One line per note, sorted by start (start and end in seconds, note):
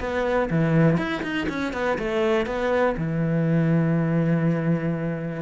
0.00 0.49 B3
0.50 0.97 E3
0.97 1.22 E4
1.23 1.47 D#4
1.49 1.73 C#4
1.73 1.98 B3
1.98 2.46 A3
2.46 2.96 B3
2.97 5.42 E3